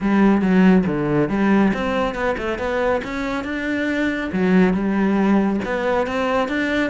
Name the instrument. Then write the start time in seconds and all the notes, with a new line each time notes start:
cello
0.00 G3
0.41 F#3
0.86 D3
1.29 G3
1.73 C4
2.14 B3
2.37 A3
2.58 B3
3.04 C#4
3.44 D4
4.32 F#3
4.73 G3
5.64 B3
6.06 C4
6.48 D4